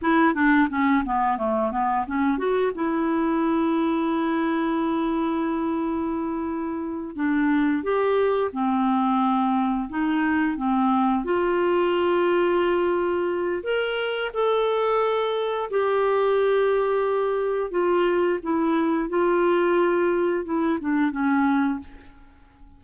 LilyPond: \new Staff \with { instrumentName = "clarinet" } { \time 4/4 \tempo 4 = 88 e'8 d'8 cis'8 b8 a8 b8 cis'8 fis'8 | e'1~ | e'2~ e'8 d'4 g'8~ | g'8 c'2 dis'4 c'8~ |
c'8 f'2.~ f'8 | ais'4 a'2 g'4~ | g'2 f'4 e'4 | f'2 e'8 d'8 cis'4 | }